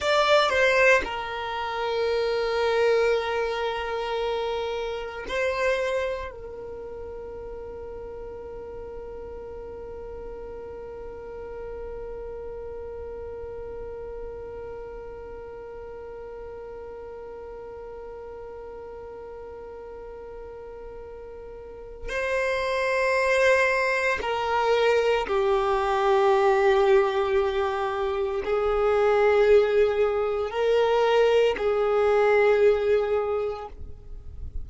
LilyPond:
\new Staff \with { instrumentName = "violin" } { \time 4/4 \tempo 4 = 57 d''8 c''8 ais'2.~ | ais'4 c''4 ais'2~ | ais'1~ | ais'1~ |
ais'1~ | ais'4 c''2 ais'4 | g'2. gis'4~ | gis'4 ais'4 gis'2 | }